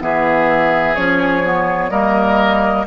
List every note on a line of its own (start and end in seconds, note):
0.00 0.96 E3
0.00 0.95 B3
0.00 1.91 G#4
0.00 0.95 E5
0.95 1.90 F3
0.95 1.44 C#4
0.95 1.90 C#5
1.44 1.90 B3
1.90 2.86 G3
1.90 2.86 A#3
1.90 2.86 A#4
1.90 2.85 D#5